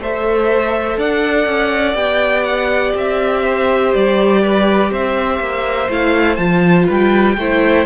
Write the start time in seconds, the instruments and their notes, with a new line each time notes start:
0.00 cello A3, viola A4, violin C5 E5
0.98 cello D4, violin D5 F#5
1.46 cello C#4
1.95 cello B3, viola G4, violin G5
2.43 violin F#5
2.95 cello C4, violin E5
3.43 violin C5
3.94 cello G3, violin D5
4.42 violin B4
4.91 cello C4, violin C5 E5
5.39 cello A#3
5.90 cello A3, viola E4, violin F5
6.36 cello F3, viola F4, violin A5
6.86 cello G3, violin B4 G5
7.37 cello A3, viola E4, violin C5